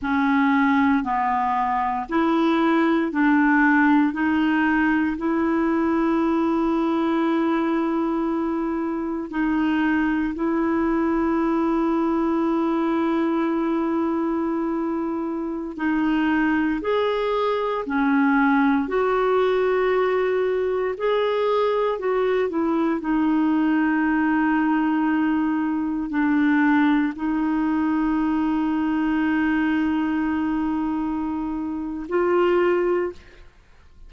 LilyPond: \new Staff \with { instrumentName = "clarinet" } { \time 4/4 \tempo 4 = 58 cis'4 b4 e'4 d'4 | dis'4 e'2.~ | e'4 dis'4 e'2~ | e'2.~ e'16 dis'8.~ |
dis'16 gis'4 cis'4 fis'4.~ fis'16~ | fis'16 gis'4 fis'8 e'8 dis'4.~ dis'16~ | dis'4~ dis'16 d'4 dis'4.~ dis'16~ | dis'2. f'4 | }